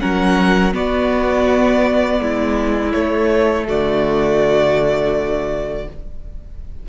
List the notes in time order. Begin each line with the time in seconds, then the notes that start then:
0.00 F#3 C#4 A#4 F#5
0.73 B3 F#4 D5
2.21 G#3 E4
2.92 A3 C#5
3.67 D3 F#4 D5